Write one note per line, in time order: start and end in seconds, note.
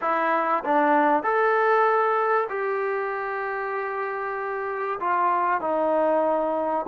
0.01 0.63 E4
0.64 1.23 D4
1.23 2.48 A4
2.49 4.99 G4
5.00 5.61 F4
5.61 6.86 D#4